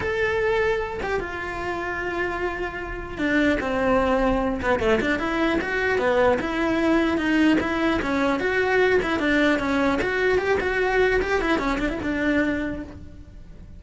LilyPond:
\new Staff \with { instrumentName = "cello" } { \time 4/4 \tempo 4 = 150 a'2~ a'8 g'8 f'4~ | f'1 | d'4 c'2~ c'8 b8 | a8 d'8 e'4 fis'4 b4 |
e'2 dis'4 e'4 | cis'4 fis'4. e'8 d'4 | cis'4 fis'4 g'8 fis'4. | g'8 e'8 cis'8 d'16 e'16 d'2 | }